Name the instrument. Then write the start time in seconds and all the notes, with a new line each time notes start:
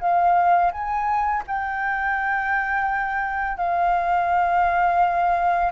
flute
0.00 F5
0.72 G#5
1.47 G5
3.57 F5